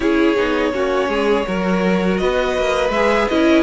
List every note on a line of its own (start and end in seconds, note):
0.00 0.35 C#4
0.00 0.36 E4
0.00 0.72 G#4
0.00 2.17 C#5
0.36 0.73 B3
0.36 0.72 D#4
0.73 1.08 A#3
0.73 1.44 C#4
0.73 1.09 F#4
1.08 1.44 G#3
1.08 1.45 G#4
1.44 2.21 F#3
1.44 2.90 F#4
1.44 2.20 A#4
2.17 2.57 B3
2.17 3.63 B4
2.17 2.90 D#5
2.57 2.89 A#3
2.89 3.26 G#3
2.89 3.27 E5
2.95 3.31 G#4
3.29 3.63 C#4
3.29 3.63 E4
3.29 3.63 D#5